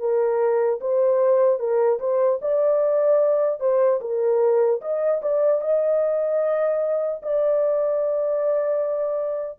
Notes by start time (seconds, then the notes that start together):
0.00 A#4
0.81 C5
1.60 A#4
2.00 C5
2.42 D5
3.60 C5
4.01 A#4
4.81 D#5
5.22 D5
5.61 D#5
7.23 D5